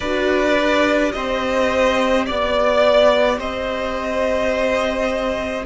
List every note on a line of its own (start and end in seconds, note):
0.00 1.13 D4
0.00 0.58 F#4
0.00 1.12 B4
0.00 1.12 D5
0.58 5.65 G4
1.12 2.28 C4
1.12 2.26 C5
1.12 2.25 D#5
2.25 3.38 B3
2.25 3.39 D5
2.25 3.38 D5
3.38 5.64 C4
3.38 5.64 C5
3.38 5.65 D#5